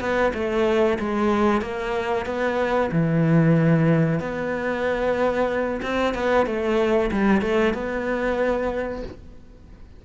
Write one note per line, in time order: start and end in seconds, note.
0.00 0.32 B3
0.34 0.98 A3
0.99 1.62 G#3
1.62 2.26 A#3
2.26 2.90 B3
2.92 4.20 E3
4.20 5.81 B3
5.82 6.14 C4
6.14 6.46 B3
6.46 7.11 A3
7.11 7.41 G3
7.41 7.74 A3
7.74 9.03 B3